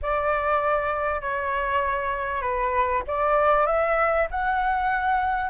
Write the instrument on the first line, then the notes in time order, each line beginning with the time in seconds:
flute
0.02 D5
1.21 C#5
2.41 B4
3.07 D5
3.66 E5
4.31 F#5